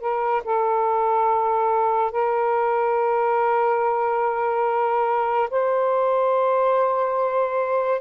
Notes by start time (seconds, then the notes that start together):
0.00 A#4
0.44 A4
2.11 A#4
5.50 C5